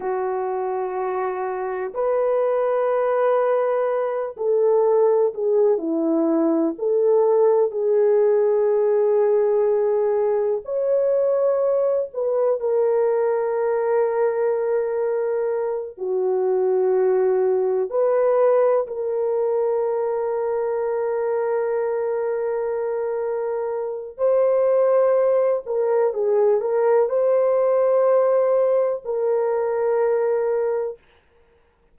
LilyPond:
\new Staff \with { instrumentName = "horn" } { \time 4/4 \tempo 4 = 62 fis'2 b'2~ | b'8 a'4 gis'8 e'4 a'4 | gis'2. cis''4~ | cis''8 b'8 ais'2.~ |
ais'8 fis'2 b'4 ais'8~ | ais'1~ | ais'4 c''4. ais'8 gis'8 ais'8 | c''2 ais'2 | }